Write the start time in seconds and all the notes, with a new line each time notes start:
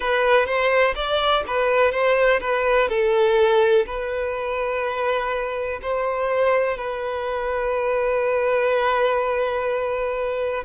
0.00 B4
0.46 C5
0.95 D5
1.47 B4
1.91 C5
2.40 B4
2.88 A4
3.86 B4
5.82 C5
6.77 B4